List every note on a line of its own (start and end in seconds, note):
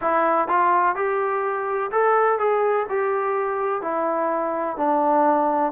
0.01 0.48 E4
0.48 0.95 F4
0.95 1.90 G4
1.90 2.38 A4
2.39 2.86 G#4
2.89 3.81 G4
3.81 4.76 E4
4.77 5.72 D4